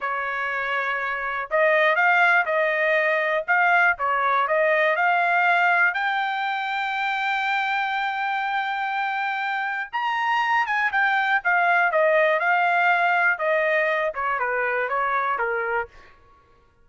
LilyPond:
\new Staff \with { instrumentName = "trumpet" } { \time 4/4 \tempo 4 = 121 cis''2. dis''4 | f''4 dis''2 f''4 | cis''4 dis''4 f''2 | g''1~ |
g''1 | ais''4. gis''8 g''4 f''4 | dis''4 f''2 dis''4~ | dis''8 cis''8 b'4 cis''4 ais'4 | }